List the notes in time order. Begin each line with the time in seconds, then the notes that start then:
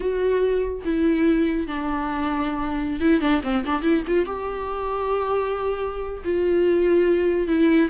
0.00 F#4
0.84 E4
1.67 D4
3.00 E4
3.20 D4
3.43 C4
3.65 D4
3.82 E4
4.07 F4
4.25 G4
6.24 F4
7.47 E4